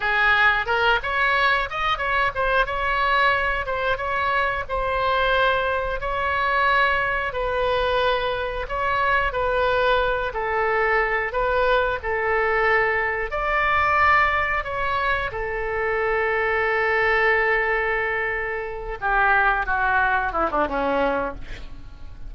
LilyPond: \new Staff \with { instrumentName = "oboe" } { \time 4/4 \tempo 4 = 90 gis'4 ais'8 cis''4 dis''8 cis''8 c''8 | cis''4. c''8 cis''4 c''4~ | c''4 cis''2 b'4~ | b'4 cis''4 b'4. a'8~ |
a'4 b'4 a'2 | d''2 cis''4 a'4~ | a'1~ | a'8 g'4 fis'4 e'16 d'16 cis'4 | }